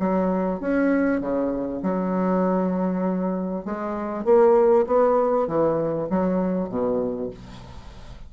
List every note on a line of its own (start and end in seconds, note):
0.00 0.60 F#3
0.60 1.21 C#4
1.21 1.82 C#3
1.83 3.65 F#3
3.65 4.25 G#3
4.25 4.86 A#3
4.87 5.48 B3
5.48 6.09 E3
6.10 6.70 F#3
6.70 7.31 B2